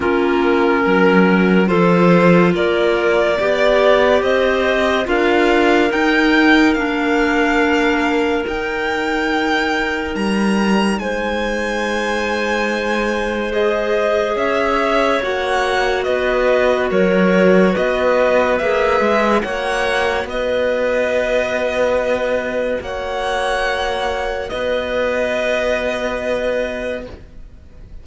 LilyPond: <<
  \new Staff \with { instrumentName = "violin" } { \time 4/4 \tempo 4 = 71 ais'2 c''4 d''4~ | d''4 dis''4 f''4 g''4 | f''2 g''2 | ais''4 gis''2. |
dis''4 e''4 fis''4 dis''4 | cis''4 dis''4 e''4 fis''4 | dis''2. fis''4~ | fis''4 dis''2. | }
  \new Staff \with { instrumentName = "clarinet" } { \time 4/4 f'4 ais'4 a'4 ais'4 | d''4 c''4 ais'2~ | ais'1~ | ais'4 c''2.~ |
c''4 cis''2 b'4 | ais'4 b'2 cis''4 | b'2. cis''4~ | cis''4 b'2. | }
  \new Staff \with { instrumentName = "clarinet" } { \time 4/4 cis'2 f'2 | g'2 f'4 dis'4 | d'2 dis'2~ | dis'1 |
gis'2 fis'2~ | fis'2 gis'4 fis'4~ | fis'1~ | fis'1 | }
  \new Staff \with { instrumentName = "cello" } { \time 4/4 ais4 fis4 f4 ais4 | b4 c'4 d'4 dis'4 | ais2 dis'2 | g4 gis2.~ |
gis4 cis'4 ais4 b4 | fis4 b4 ais8 gis8 ais4 | b2. ais4~ | ais4 b2. | }
>>